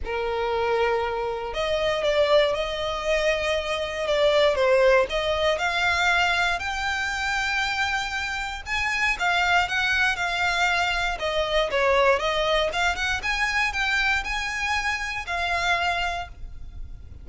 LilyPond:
\new Staff \with { instrumentName = "violin" } { \time 4/4 \tempo 4 = 118 ais'2. dis''4 | d''4 dis''2. | d''4 c''4 dis''4 f''4~ | f''4 g''2.~ |
g''4 gis''4 f''4 fis''4 | f''2 dis''4 cis''4 | dis''4 f''8 fis''8 gis''4 g''4 | gis''2 f''2 | }